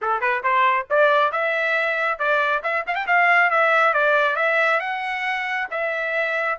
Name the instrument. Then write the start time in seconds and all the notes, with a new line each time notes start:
trumpet
0.01 A4
0.21 B4
0.43 C5
0.90 D5
1.32 E5
2.18 D5
2.63 E5
2.86 F5
2.95 G5
3.06 F5
3.50 E5
3.93 D5
4.36 E5
4.80 F#5
5.71 E5